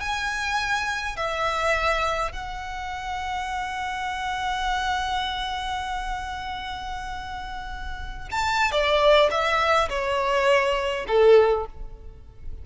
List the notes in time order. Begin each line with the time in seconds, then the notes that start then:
0.00 G#5
1.16 E5
2.32 F#5
8.31 A5
8.72 D5
9.31 E5
9.89 C#5
11.08 A4